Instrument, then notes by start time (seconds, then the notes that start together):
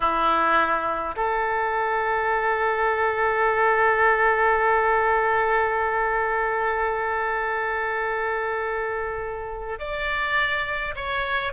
oboe
0.00 E4
1.16 A4
9.79 D5
10.95 C#5